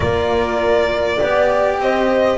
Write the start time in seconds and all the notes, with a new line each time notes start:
0.00 A#3 F4 A#4 D5
1.20 B3 G4 D5
1.79 C4 C5 D#5